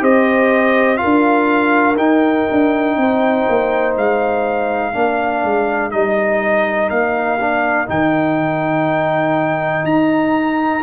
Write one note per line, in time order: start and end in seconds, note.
0.00 1.00 C4
0.00 0.98 G4
0.00 0.99 C5
0.00 0.98 D#5
0.98 1.96 F4
0.98 2.99 A#4
0.98 1.96 F5
1.05 1.97 D4
1.97 2.46 D#4
1.97 4.93 D#4
1.97 3.94 G5
2.51 2.97 D4
2.97 3.46 C4
2.97 4.94 C5
3.49 3.97 A#3
3.97 4.95 G#3
3.97 5.91 F5
4.93 5.45 A#3
4.93 5.91 D4
4.93 10.83 A#4
5.45 5.93 G#3
5.91 6.91 G3
5.91 7.39 D#4
5.91 6.90 D#5
6.90 7.89 A#3
6.90 7.89 F5
7.41 7.87 D4
7.87 9.84 D#3
7.87 10.82 D#4
7.87 9.86 G5
9.84 10.83 D#4
9.84 10.83 A#5